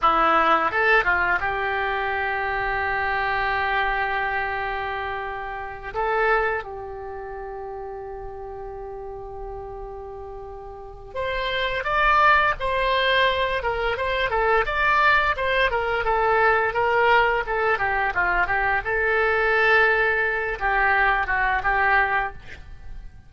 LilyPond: \new Staff \with { instrumentName = "oboe" } { \time 4/4 \tempo 4 = 86 e'4 a'8 f'8 g'2~ | g'1~ | g'8 a'4 g'2~ g'8~ | g'1 |
c''4 d''4 c''4. ais'8 | c''8 a'8 d''4 c''8 ais'8 a'4 | ais'4 a'8 g'8 f'8 g'8 a'4~ | a'4. g'4 fis'8 g'4 | }